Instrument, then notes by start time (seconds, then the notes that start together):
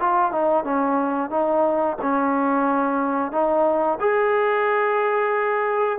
trombone
0.00 F4
0.32 D#4
0.64 C#4
1.30 D#4
2.02 C#4
3.32 D#4
4.00 G#4